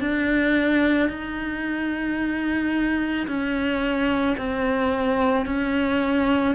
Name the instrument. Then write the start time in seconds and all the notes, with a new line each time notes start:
cello
0.00 D4
1.09 D#4
3.27 C#4
4.37 C4
5.46 C#4